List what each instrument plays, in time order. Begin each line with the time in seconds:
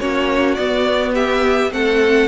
0.00 cello A#3, viola C#4, violin F#4 C#5
0.55 viola B3, cello B3, violin D5
1.14 violin G4 E5
1.71 cello A3, viola C4, violin A4 F#5